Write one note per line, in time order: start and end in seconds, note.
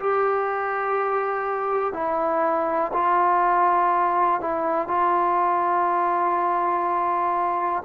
0.00 1.94 G4
1.94 2.92 E4
2.93 4.41 F4
4.41 4.88 E4
4.88 7.83 F4